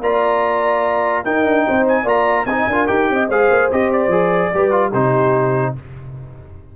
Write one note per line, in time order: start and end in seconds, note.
0.00 1.23 A#3
0.00 1.25 F4
0.00 1.24 D5
0.00 1.25 A#5
1.24 2.05 D#4
1.24 1.45 D#4
1.24 1.65 A#4
1.24 1.86 G5
1.45 1.65 D4
1.67 2.04 C4
1.67 2.03 C5
1.88 2.08 G#5
2.03 2.45 A#3
2.03 2.46 F4
2.03 2.44 D5
2.03 2.46 A#5
2.45 2.66 C4
2.45 2.71 D#4
2.45 2.67 D#5
2.45 2.87 G#5
2.67 2.88 D4
2.67 2.87 F4
2.67 3.13 A#4
2.87 3.10 D#4
2.87 3.28 G4
2.87 3.28 G5
3.10 3.29 C4
3.10 3.29 D#5
3.29 3.49 G#3
3.29 3.71 G#4
3.29 4.52 C5
3.29 3.71 F5
3.50 3.70 A#3
3.71 4.07 C4
3.71 4.11 G4
3.71 3.92 D#5
3.92 4.93 D5
4.07 4.49 F3
4.07 4.52 G#4
4.54 4.93 G3
4.54 4.71 G4
4.54 4.91 B4
4.71 4.91 F4
4.91 5.75 C3
4.91 5.76 D#4
4.91 5.73 G4
4.91 5.75 C5